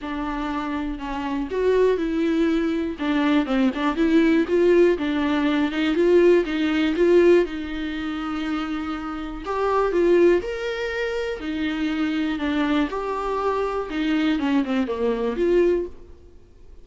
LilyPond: \new Staff \with { instrumentName = "viola" } { \time 4/4 \tempo 4 = 121 d'2 cis'4 fis'4 | e'2 d'4 c'8 d'8 | e'4 f'4 d'4. dis'8 | f'4 dis'4 f'4 dis'4~ |
dis'2. g'4 | f'4 ais'2 dis'4~ | dis'4 d'4 g'2 | dis'4 cis'8 c'8 ais4 f'4 | }